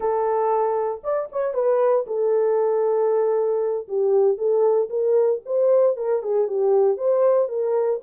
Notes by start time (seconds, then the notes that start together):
0.00 A4
1.03 D5
1.32 C#5
1.54 B4
2.06 A4
3.88 G4
4.37 A4
4.89 A#4
5.45 C5
5.96 A#4
6.22 G#4
6.47 G4
6.97 C5
7.48 A#4